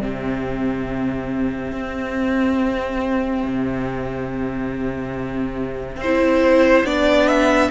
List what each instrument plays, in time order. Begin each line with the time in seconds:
0.00 cello C3, viola C4, violin G4 E5
1.72 cello C4
3.44 cello C3
5.97 cello C4, violin C5
6.04 viola E4
6.84 cello B3, viola D4, violin D5
7.28 violin E5